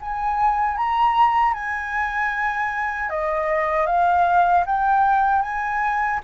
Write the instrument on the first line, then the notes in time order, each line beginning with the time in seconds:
flute
0.00 G#5
0.77 A#5
1.53 G#5
3.09 D#5
3.86 F5
4.66 G5
5.42 G#5